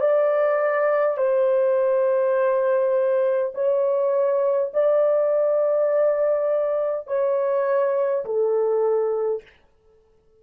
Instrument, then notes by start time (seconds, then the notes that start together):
horn
0.00 D5
1.17 C5
3.54 C#5
4.73 D5
7.07 C#5
8.25 A4